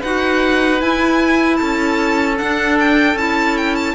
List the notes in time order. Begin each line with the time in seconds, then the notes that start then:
0.00 D#4 F#4 B4 F#5
0.80 E4 G#5
1.57 C#4 A4 A5
2.36 D4 F#5
2.80 G5
3.15 C#4 E4 A5
3.58 G5
3.75 A5